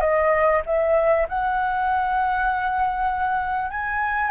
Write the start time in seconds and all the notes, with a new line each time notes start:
0.00 D#5
0.66 E5
1.28 F#5
3.70 G#5